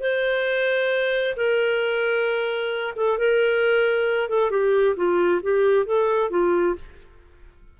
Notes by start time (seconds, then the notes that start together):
0.00 C5
1.36 A#4
2.96 A4
3.18 A#4
4.29 A4
4.51 G4
4.96 F4
5.43 G4
5.86 A4
6.30 F4